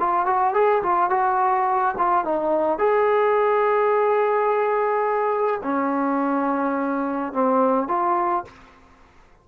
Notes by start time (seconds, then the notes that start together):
0.00 F4
0.27 F#4
0.55 G#4
0.83 F4
1.10 F#4
1.98 F4
2.25 D#4
2.79 G#4
5.64 C#4
7.34 C4
7.88 F4